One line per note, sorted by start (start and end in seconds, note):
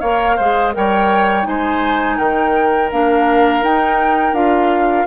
0.00 0.39 A#3
0.00 0.38 A#4
0.00 0.37 C#5
0.00 0.72 F5
0.37 0.76 G#3
0.37 0.73 G#4
0.37 0.73 C5
0.73 1.47 G3
0.73 1.43 A#4
0.73 1.48 C#5
0.73 1.46 G5
1.43 2.19 G#3
1.43 2.87 D#4
1.43 2.17 C5
1.43 2.18 G#5
2.17 2.91 D#3
2.17 5.06 A#4
2.17 2.90 G5
2.92 3.62 A#3
2.92 3.64 D4
2.92 3.64 F5
3.62 4.33 D#4
3.62 4.34 D#4
3.62 4.35 G5
4.33 5.05 D4
4.33 5.06 F4
4.33 5.07 F5